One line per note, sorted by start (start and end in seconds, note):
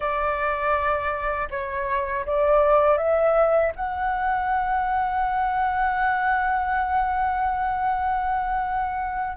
0.00 1.48 D5
1.50 2.25 C#5
2.25 2.97 D5
2.97 3.72 E5
3.75 9.36 F#5